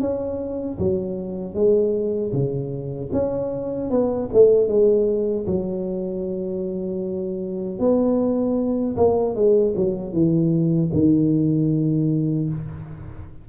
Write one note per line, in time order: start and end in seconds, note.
0.00 0.78 C#4
0.78 1.54 F#3
1.54 2.32 G#3
2.32 3.10 C#3
3.12 3.90 C#4
3.90 4.29 B3
4.33 4.68 A3
4.68 5.45 G#3
5.46 7.79 F#3
7.79 8.96 B3
8.96 9.35 A#3
9.35 9.74 G#3
9.75 10.12 F#3
10.12 10.90 E3
10.93 12.49 D#3